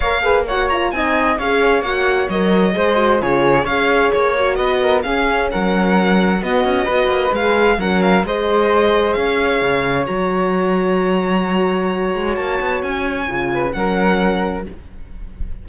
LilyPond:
<<
  \new Staff \with { instrumentName = "violin" } { \time 4/4 \tempo 4 = 131 f''4 fis''8 ais''8 gis''4 f''4 | fis''4 dis''2 cis''4 | f''4 cis''4 dis''4 f''4 | fis''2 dis''2 |
f''4 fis''8 f''8 dis''2 | f''2 ais''2~ | ais''2. a''4 | gis''2 fis''2 | }
  \new Staff \with { instrumentName = "flute" } { \time 4/4 cis''8 b'8 cis''4 dis''4 cis''4~ | cis''2 c''4 gis'4 | cis''2 b'8 ais'8 gis'4 | ais'2 fis'4 b'4~ |
b'4 ais'4 c''2 | cis''1~ | cis''1~ | cis''4. b'8 ais'2 | }
  \new Staff \with { instrumentName = "horn" } { \time 4/4 ais'8 gis'8 fis'8 f'8 dis'4 gis'4 | fis'4 ais'4 gis'8 fis'8 f'4 | gis'4. fis'4. cis'4~ | cis'2 b4 fis'4 |
gis'4 cis'4 gis'2~ | gis'2 fis'2~ | fis'1~ | fis'4 f'4 cis'2 | }
  \new Staff \with { instrumentName = "cello" } { \time 4/4 ais2 c'4 cis'4 | ais4 fis4 gis4 cis4 | cis'4 ais4 b4 cis'4 | fis2 b8 cis'8 b8 ais8 |
gis4 fis4 gis2 | cis'4 cis4 fis2~ | fis2~ fis8 gis8 ais8 b8 | cis'4 cis4 fis2 | }
>>